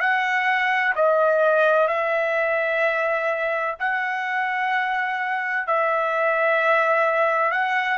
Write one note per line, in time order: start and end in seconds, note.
0.00 0.94 F#5
0.95 1.87 D#5
1.87 3.75 E5
3.79 5.67 F#5
5.67 7.51 E5
7.51 7.98 F#5